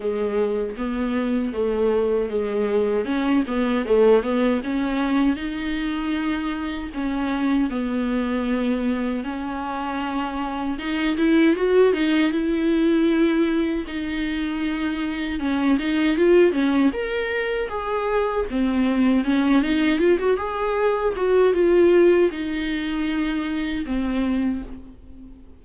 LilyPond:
\new Staff \with { instrumentName = "viola" } { \time 4/4 \tempo 4 = 78 gis4 b4 a4 gis4 | cis'8 b8 a8 b8 cis'4 dis'4~ | dis'4 cis'4 b2 | cis'2 dis'8 e'8 fis'8 dis'8 |
e'2 dis'2 | cis'8 dis'8 f'8 cis'8 ais'4 gis'4 | c'4 cis'8 dis'8 f'16 fis'16 gis'4 fis'8 | f'4 dis'2 c'4 | }